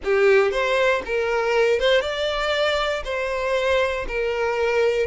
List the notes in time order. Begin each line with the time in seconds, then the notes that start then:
0.04 G4
0.51 C5
1.05 A#4
1.79 C5
2.01 D5
3.04 C5
4.08 A#4